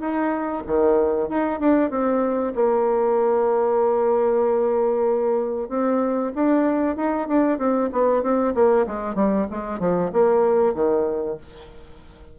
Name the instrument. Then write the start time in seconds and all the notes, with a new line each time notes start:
bassoon
0.00 D#4
0.67 D#3
1.29 D#4
1.60 D4
1.90 C4
2.55 A#3
5.69 C4
6.35 D4
6.96 D#4
7.28 D4
7.58 C4
7.92 B3
8.23 C4
8.55 A#3
8.87 G#3
9.15 G3
9.51 G#3
9.80 F3
10.13 A#3
10.75 D#3